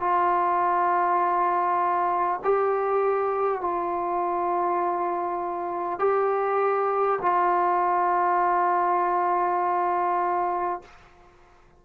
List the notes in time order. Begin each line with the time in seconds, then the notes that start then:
0.00 F4
2.44 G4
3.61 F4
5.99 G4
7.22 F4